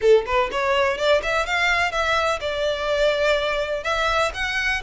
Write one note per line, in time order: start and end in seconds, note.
0.01 0.25 A4
0.26 0.50 B4
0.51 0.97 C#5
0.97 1.21 D5
1.22 1.46 E5
1.46 1.91 F5
1.91 2.39 E5
2.40 3.83 D5
3.83 4.31 E5
4.34 4.82 F#5